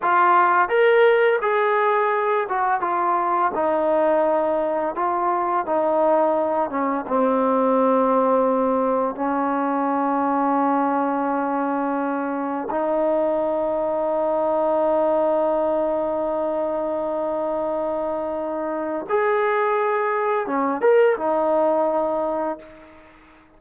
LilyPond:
\new Staff \with { instrumentName = "trombone" } { \time 4/4 \tempo 4 = 85 f'4 ais'4 gis'4. fis'8 | f'4 dis'2 f'4 | dis'4. cis'8 c'2~ | c'4 cis'2.~ |
cis'2 dis'2~ | dis'1~ | dis'2. gis'4~ | gis'4 cis'8 ais'8 dis'2 | }